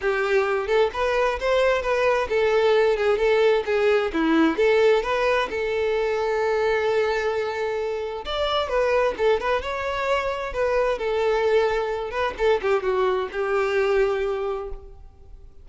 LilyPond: \new Staff \with { instrumentName = "violin" } { \time 4/4 \tempo 4 = 131 g'4. a'8 b'4 c''4 | b'4 a'4. gis'8 a'4 | gis'4 e'4 a'4 b'4 | a'1~ |
a'2 d''4 b'4 | a'8 b'8 cis''2 b'4 | a'2~ a'8 b'8 a'8 g'8 | fis'4 g'2. | }